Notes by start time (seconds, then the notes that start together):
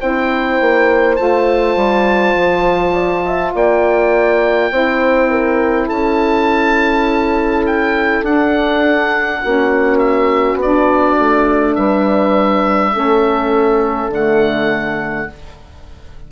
0.00 C4 E4 C5 G5
0.61 A#3
1.16 A3 F4 A5
1.76 G3
2.35 F3
2.94 D5
3.26 E5
3.55 A#3 D5 G5
4.71 C4 E4 C5
5.31 A#4
5.87 C#4 A4 A5
7.66 G5
8.23 D4 F#5
9.42 A#3 C#4 F#4
9.99 E5
10.55 B3
10.62 D4 D5
11.19 A3
11.75 G3 B4 E5
12.93 A3 C#4 A4
14.09 D3 A3 F#5